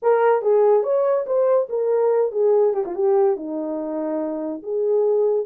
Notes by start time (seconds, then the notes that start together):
0.02 A#4
0.42 G#4
0.83 C#5
1.26 C5
1.69 A#4
2.31 G#4
2.73 G4
2.85 F4
2.95 G4
3.36 D#4
4.62 G#4